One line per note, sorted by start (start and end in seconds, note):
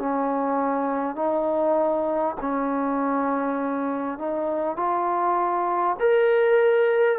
0.00 1.16 C#4
1.16 2.36 D#4
2.41 4.19 C#4
4.19 4.77 D#4
4.77 5.97 F4
6.00 7.19 A#4